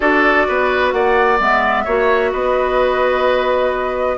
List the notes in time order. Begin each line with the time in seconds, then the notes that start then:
0.00 D4 F#4 A4 D5
0.47 B3 B4
0.91 A#3 D5 F#5
1.39 G#3 B3 E5
1.84 A#3 F#4 C#5
2.31 B3 B4 D#5